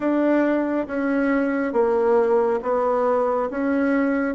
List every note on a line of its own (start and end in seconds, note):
0.00 0.87 D4
0.87 1.72 C#4
1.72 2.59 A#3
2.62 3.49 B3
3.50 4.35 C#4